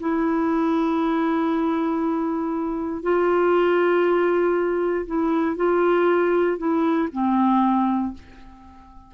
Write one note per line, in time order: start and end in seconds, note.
0.00 3.03 E4
3.03 5.06 F4
5.07 5.57 E4
5.57 6.58 F4
6.58 7.09 E4
7.13 8.14 C4